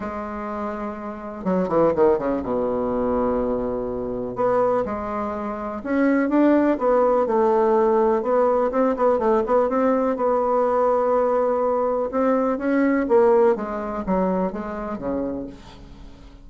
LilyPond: \new Staff \with { instrumentName = "bassoon" } { \time 4/4 \tempo 4 = 124 gis2. fis8 e8 | dis8 cis8 b,2.~ | b,4 b4 gis2 | cis'4 d'4 b4 a4~ |
a4 b4 c'8 b8 a8 b8 | c'4 b2.~ | b4 c'4 cis'4 ais4 | gis4 fis4 gis4 cis4 | }